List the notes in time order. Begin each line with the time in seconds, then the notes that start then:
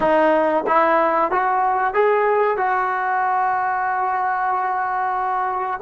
0.00 D#4
0.66 E4
1.31 F#4
1.94 G#4
2.57 F#4